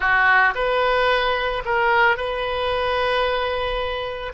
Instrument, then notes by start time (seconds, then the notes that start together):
oboe
0.00 F#4
0.55 B4
1.65 A#4
2.16 B4